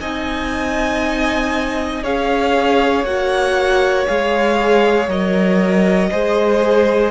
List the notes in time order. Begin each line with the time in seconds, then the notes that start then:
0.00 C4 D#4 D#5 G#5
2.03 C#4 G#4 C#5 F5
3.03 A#3 F#4 F#5
4.07 G#3 G#4 F5
5.07 F#3 A#4 D#5
6.11 G#3 G#4 C5